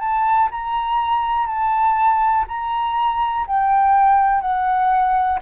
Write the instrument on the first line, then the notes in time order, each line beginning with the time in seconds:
flute
0.00 A5
0.51 A#5
1.47 A5
2.48 A#5
3.47 G5
4.41 F#5